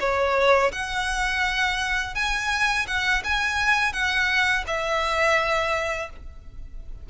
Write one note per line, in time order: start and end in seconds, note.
0.00 0.71 C#5
0.72 2.15 F#5
2.15 2.86 G#5
2.87 3.23 F#5
3.24 3.93 G#5
3.93 4.64 F#5
4.67 6.10 E5